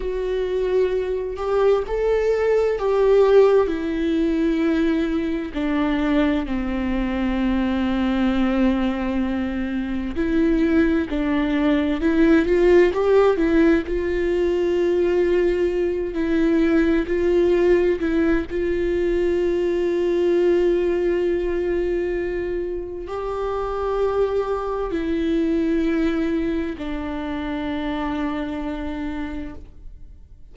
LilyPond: \new Staff \with { instrumentName = "viola" } { \time 4/4 \tempo 4 = 65 fis'4. g'8 a'4 g'4 | e'2 d'4 c'4~ | c'2. e'4 | d'4 e'8 f'8 g'8 e'8 f'4~ |
f'4. e'4 f'4 e'8 | f'1~ | f'4 g'2 e'4~ | e'4 d'2. | }